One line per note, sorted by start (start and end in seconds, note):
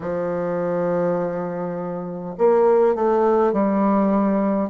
0.00 2.35 F3
2.37 2.95 A#3
2.95 3.52 A3
3.52 4.69 G3